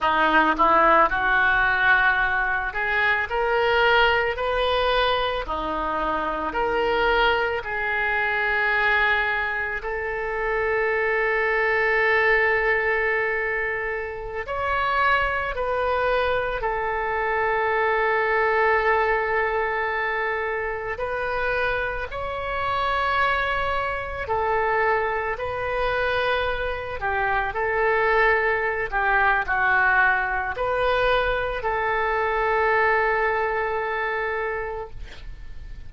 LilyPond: \new Staff \with { instrumentName = "oboe" } { \time 4/4 \tempo 4 = 55 dis'8 e'8 fis'4. gis'8 ais'4 | b'4 dis'4 ais'4 gis'4~ | gis'4 a'2.~ | a'4~ a'16 cis''4 b'4 a'8.~ |
a'2.~ a'16 b'8.~ | b'16 cis''2 a'4 b'8.~ | b'8. g'8 a'4~ a'16 g'8 fis'4 | b'4 a'2. | }